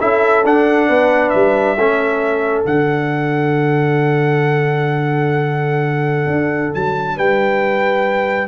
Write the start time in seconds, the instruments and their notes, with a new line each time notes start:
0.00 tuba C#4, trombone E4, horn A4, trumpet E5
0.45 tuba D4, trombone D4, trumpet F#5
0.89 tuba B3, horn B4
1.30 tuba G3, trumpet E5
1.77 tuba A3, trombone C#4, horn A4
2.65 tuba D3, trombone D4, trumpet F#5
6.26 tuba D4
6.74 tuba F#3, trumpet A5
7.16 tuba G3, horn B4, trumpet G5